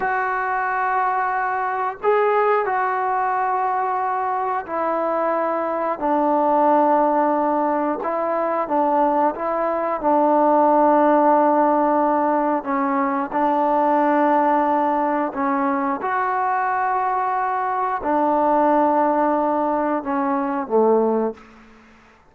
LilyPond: \new Staff \with { instrumentName = "trombone" } { \time 4/4 \tempo 4 = 90 fis'2. gis'4 | fis'2. e'4~ | e'4 d'2. | e'4 d'4 e'4 d'4~ |
d'2. cis'4 | d'2. cis'4 | fis'2. d'4~ | d'2 cis'4 a4 | }